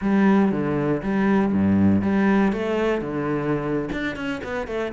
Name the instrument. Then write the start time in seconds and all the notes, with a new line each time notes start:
cello
0.01 G3
0.51 D3
1.02 G3
1.52 G2
2.01 G3
2.52 A3
3.01 D3
3.92 D4
4.16 C#4
4.43 B3
4.67 A3